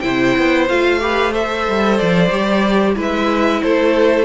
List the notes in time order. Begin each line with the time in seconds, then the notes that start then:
0.00 C3 E4 C5 G5
0.37 B3
0.69 A3 F4 F5
1.00 G4 B4
1.32 A4 C5 E5
1.68 G3
1.98 F3 D5
2.30 G3 G4
2.96 G#3 E4 B4 E5
3.63 A3 A4 C5